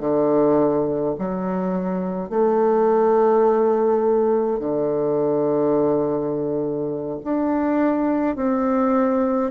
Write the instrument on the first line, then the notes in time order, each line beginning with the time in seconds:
bassoon
0.00 D3
1.19 F#3
2.30 A3
4.59 D3
7.24 D4
8.36 C4